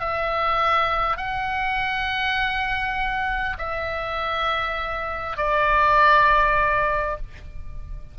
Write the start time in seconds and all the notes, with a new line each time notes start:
0.00 E5
1.18 F#5
3.58 E5
5.38 D5